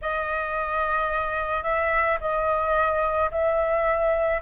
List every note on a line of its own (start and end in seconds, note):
0.01 1.63 D#5
1.63 2.18 E5
2.20 3.30 D#5
3.31 4.41 E5